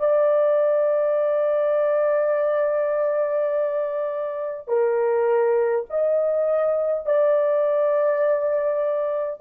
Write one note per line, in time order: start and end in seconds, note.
0.00 4.68 D5
4.68 5.86 A#4
5.90 7.06 D#5
7.06 9.41 D5